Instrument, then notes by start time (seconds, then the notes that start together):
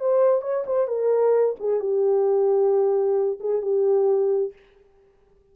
horn
0.00 C5
0.41 C#5
0.66 C5
0.87 A#4
1.59 G#4
1.80 G4
3.40 G#4
3.62 G4